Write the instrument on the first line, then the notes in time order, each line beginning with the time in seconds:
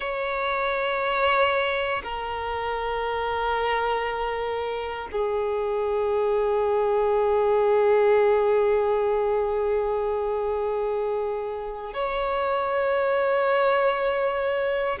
violin
0.00 C#5
2.03 A#4
5.12 G#4
11.93 C#5